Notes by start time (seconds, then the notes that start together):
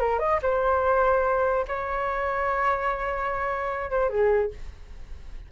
0.00 A#4
0.19 D#5
0.42 C5
1.68 C#5
3.91 C5
4.09 G#4